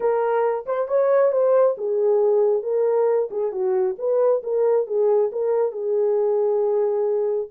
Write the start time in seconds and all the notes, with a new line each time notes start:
0.00 A#4
0.66 C5
0.88 C#5
1.31 C5
1.77 G#4
2.62 A#4
3.30 G#4
3.52 F#4
3.98 B4
4.43 A#4
4.86 G#4
5.32 A#4
5.71 G#4